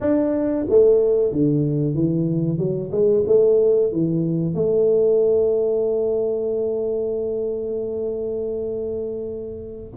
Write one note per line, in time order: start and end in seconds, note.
0.00 0.66 D4
0.68 1.32 A3
1.32 1.94 D3
1.94 2.58 E3
2.58 2.90 F#3
2.91 3.24 G#3
3.26 3.92 A3
3.92 4.54 E3
4.54 9.92 A3